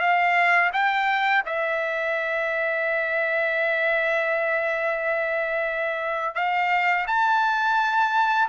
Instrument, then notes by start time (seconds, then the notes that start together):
trumpet
0.00 F5
0.73 G5
1.46 E5
6.35 F5
7.07 A5